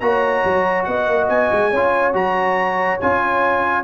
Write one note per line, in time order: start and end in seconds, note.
0.00 0.44 A#3
0.00 1.72 F#4
0.00 0.88 C#5
0.00 0.85 A#5
0.45 0.87 F#3
0.85 1.08 B3
0.85 1.71 D#5
0.85 1.27 F#5
1.08 1.29 A#3
1.29 1.51 B3
1.29 2.14 G#5
1.52 1.73 G#3
1.71 2.14 C#4
1.71 2.14 F4
1.71 3.84 C#5
2.14 2.99 F#3
2.14 2.99 F#4
2.14 3.01 A#5
3.01 3.85 C#4
3.01 3.85 F4
3.01 3.85 G#5